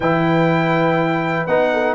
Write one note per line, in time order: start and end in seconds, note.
0.00 1.46 E3
0.00 1.48 E4
0.00 1.70 B4
0.00 1.46 G5
1.46 1.94 B3
1.46 1.94 D#4
1.46 1.94 F#5
1.72 1.94 A4